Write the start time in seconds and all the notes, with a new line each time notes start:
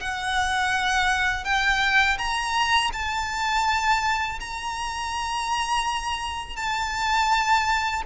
0.00 F#5
1.44 G5
2.18 A#5
2.93 A5
4.40 A#5
6.56 A5